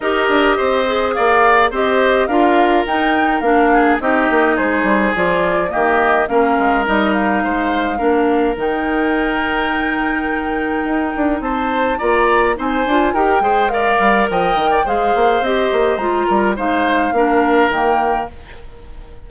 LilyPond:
<<
  \new Staff \with { instrumentName = "flute" } { \time 4/4 \tempo 4 = 105 dis''2 f''4 dis''4 | f''4 g''4 f''4 dis''4 | c''4 d''4 dis''4 f''4 | dis''8 f''2~ f''8 g''4~ |
g''1 | a''4 ais''4 gis''4 g''4 | f''4 g''4 f''4 dis''4 | ais''4 f''2 g''4 | }
  \new Staff \with { instrumentName = "oboe" } { \time 4/4 ais'4 c''4 d''4 c''4 | ais'2~ ais'8 gis'8 g'4 | gis'2 g'4 ais'4~ | ais'4 c''4 ais'2~ |
ais'1 | c''4 d''4 c''4 ais'8 c''8 | d''4 dis''8. d''16 c''2~ | c''8 ais'8 c''4 ais'2 | }
  \new Staff \with { instrumentName = "clarinet" } { \time 4/4 g'4. gis'4. g'4 | f'4 dis'4 d'4 dis'4~ | dis'4 f'4 ais4 cis'4 | dis'2 d'4 dis'4~ |
dis'1~ | dis'4 f'4 dis'8 f'8 g'8 gis'8 | ais'2 gis'4 g'4 | f'4 dis'4 d'4 ais4 | }
  \new Staff \with { instrumentName = "bassoon" } { \time 4/4 dis'8 d'8 c'4 ais4 c'4 | d'4 dis'4 ais4 c'8 ais8 | gis8 g8 f4 dis4 ais8 gis8 | g4 gis4 ais4 dis4~ |
dis2. dis'8 d'8 | c'4 ais4 c'8 d'8 dis'8 gis8~ | gis8 g8 f8 dis8 gis8 ais8 c'8 ais8 | gis8 g8 gis4 ais4 dis4 | }
>>